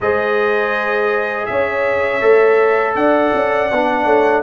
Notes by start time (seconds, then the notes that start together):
0.00 G#3 G#4 C5 D#5
1.45 C#4 C#5 E5
2.21 A3 A4
2.94 D4 D5 F#5
3.34 C#4
3.71 B3 D4
4.05 A3 C#5